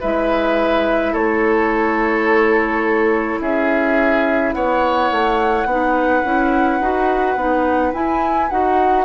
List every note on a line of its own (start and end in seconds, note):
0.00 1.14 G#3
0.00 5.68 E4
0.00 1.12 B4
0.00 1.14 E5
1.12 3.40 A3
1.12 3.39 A4
1.12 3.40 C#5
3.40 4.53 C#4
3.40 4.55 G#4
3.40 4.53 E5
4.53 5.11 B3
4.53 5.68 C#5
4.53 7.92 F#5
5.11 5.65 A3
5.65 6.22 B3
5.65 6.24 D#4
5.65 9.05 B4
6.24 6.80 C#4
6.24 6.81 E4
6.80 7.36 D#4
6.80 7.37 F#4
7.36 7.92 B3
7.36 7.93 D#4
7.93 8.50 E4
7.93 8.50 G#5
8.50 9.05 D#4
8.50 9.05 F#4
8.50 9.05 F#5